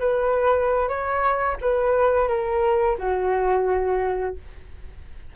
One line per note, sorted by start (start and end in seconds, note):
0.00 0.88 B4
0.88 1.57 C#5
1.61 2.28 B4
2.28 2.97 A#4
2.99 4.36 F#4